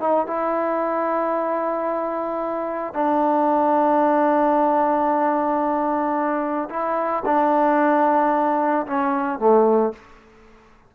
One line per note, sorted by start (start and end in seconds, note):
0.00 0.27 D#4
0.27 2.94 E4
2.94 6.69 D4
6.70 7.23 E4
7.25 8.86 D4
8.87 9.39 C#4
9.39 9.93 A3